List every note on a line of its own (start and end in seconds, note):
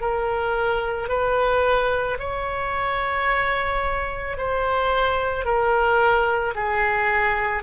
0.00 1.08 A#4
1.08 2.17 B4
2.19 4.37 C#5
4.37 5.45 C5
5.45 6.54 A#4
6.55 7.63 G#4